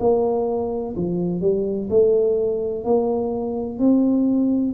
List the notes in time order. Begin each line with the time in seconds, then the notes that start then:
0.00 A#3
0.97 F3
1.42 G3
1.90 A3
2.85 A#3
3.79 C4